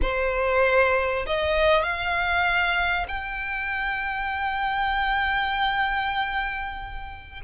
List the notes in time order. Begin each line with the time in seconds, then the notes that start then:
0.02 C5
1.26 D#5
1.82 F5
3.08 G5